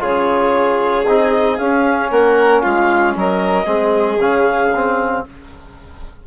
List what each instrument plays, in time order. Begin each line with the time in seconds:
0.00 bassoon C#3, trombone F4, violin G#4, clarinet C#5
1.07 bassoon C4, trombone D#4, clarinet D#5
1.58 trombone C#4, bassoon C#4, clarinet F5
2.11 bassoon A#3, violin A#4, clarinet F#5
2.61 bassoon G#3, violin F4, clarinet F5
3.16 bassoon F#3, violin A#4, clarinet D#5
3.66 bassoon G#3, trombone C4, violin G#4
4.19 bassoon C#3, trombone C#4, clarinet F5
4.75 trombone C4